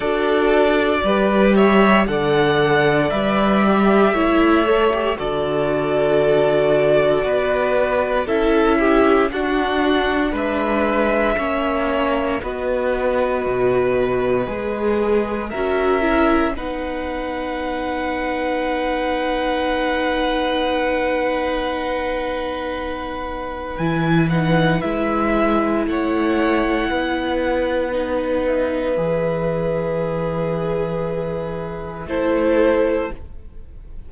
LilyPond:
<<
  \new Staff \with { instrumentName = "violin" } { \time 4/4 \tempo 4 = 58 d''4. e''8 fis''4 e''4~ | e''4 d''2. | e''4 fis''4 e''2 | dis''2. e''4 |
fis''1~ | fis''2. gis''8 fis''8 | e''4 fis''2~ fis''8 e''8~ | e''2. c''4 | }
  \new Staff \with { instrumentName = "violin" } { \time 4/4 a'4 b'8 cis''8 d''2 | cis''4 a'2 b'4 | a'8 g'8 fis'4 b'4 cis''4 | b'2. ais'4 |
b'1~ | b'1~ | b'4 cis''4 b'2~ | b'2. a'4 | }
  \new Staff \with { instrumentName = "viola" } { \time 4/4 fis'4 g'4 a'4 b'8 g'8 | e'8 a'16 g'16 fis'2. | e'4 d'2 cis'4 | fis'2 gis'4 fis'8 e'8 |
dis'1~ | dis'2. e'8 dis'8 | e'2. dis'4 | gis'2. e'4 | }
  \new Staff \with { instrumentName = "cello" } { \time 4/4 d'4 g4 d4 g4 | a4 d2 b4 | cis'4 d'4 gis4 ais4 | b4 b,4 gis4 cis'4 |
b1~ | b2. e4 | gis4 a4 b2 | e2. a4 | }
>>